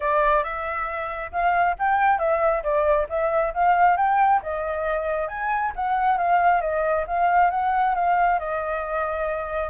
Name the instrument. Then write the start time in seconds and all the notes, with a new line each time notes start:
flute
0.00 D5
0.43 E5
1.32 F5
1.79 G5
2.18 E5
2.63 D5
3.09 E5
3.53 F5
3.97 G5
4.42 D#5
5.28 G#5
5.75 F#5
6.17 F5
6.61 D#5
7.07 F5
7.50 F#5
7.95 F5
8.39 D#5